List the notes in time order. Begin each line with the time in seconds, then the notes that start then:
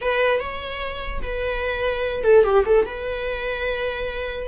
0.01 B4
0.40 C#5
1.22 B4
2.23 A4
2.44 G4
2.65 A4
2.86 B4